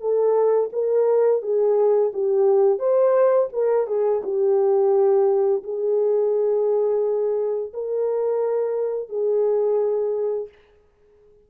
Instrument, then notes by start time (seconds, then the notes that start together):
horn
0.00 A4
0.73 A#4
1.42 G#4
2.13 G4
2.79 C5
3.53 A#4
3.87 G#4
4.24 G4
5.64 G#4
7.73 A#4
9.09 G#4